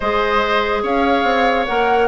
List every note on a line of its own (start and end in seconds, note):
0.00 0.83 G#3
0.00 1.68 G#4
0.00 0.82 C5
0.00 0.83 D#5
0.82 1.23 C#4
0.82 2.07 C#5
0.82 1.66 F5
1.23 1.65 C4
1.66 2.07 A#3
1.66 2.07 A#4
1.66 2.07 F#5